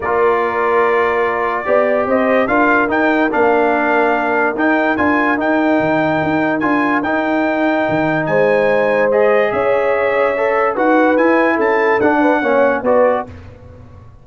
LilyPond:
<<
  \new Staff \with { instrumentName = "trumpet" } { \time 4/4 \tempo 4 = 145 d''1~ | d''4 dis''4 f''4 g''4 | f''2. g''4 | gis''4 g''2. |
gis''4 g''2. | gis''2 dis''4 e''4~ | e''2 fis''4 gis''4 | a''4 fis''2 d''4 | }
  \new Staff \with { instrumentName = "horn" } { \time 4/4 ais'1 | d''4 c''4 ais'2~ | ais'1~ | ais'1~ |
ais'1 | c''2. cis''4~ | cis''2 b'2 | a'4. b'8 cis''4 b'4 | }
  \new Staff \with { instrumentName = "trombone" } { \time 4/4 f'1 | g'2 f'4 dis'4 | d'2. dis'4 | f'4 dis'2. |
f'4 dis'2.~ | dis'2 gis'2~ | gis'4 a'4 fis'4 e'4~ | e'4 d'4 cis'4 fis'4 | }
  \new Staff \with { instrumentName = "tuba" } { \time 4/4 ais1 | b4 c'4 d'4 dis'4 | ais2. dis'4 | d'4 dis'4 dis4 dis'4 |
d'4 dis'2 dis4 | gis2. cis'4~ | cis'2 dis'4 e'4 | cis'4 d'4 ais4 b4 | }
>>